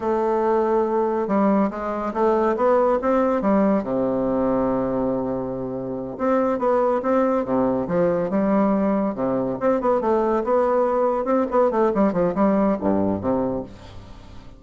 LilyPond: \new Staff \with { instrumentName = "bassoon" } { \time 4/4 \tempo 4 = 141 a2. g4 | gis4 a4 b4 c'4 | g4 c2.~ | c2~ c8 c'4 b8~ |
b8 c'4 c4 f4 g8~ | g4. c4 c'8 b8 a8~ | a8 b2 c'8 b8 a8 | g8 f8 g4 g,4 c4 | }